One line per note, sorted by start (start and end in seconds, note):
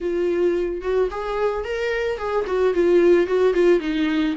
0.00 0.81 F4
0.81 1.09 F#4
1.11 1.64 G#4
1.64 2.18 A#4
2.18 2.45 G#4
2.46 2.74 F#4
2.74 3.27 F4
3.27 3.53 F#4
3.53 3.80 F4
3.80 4.34 D#4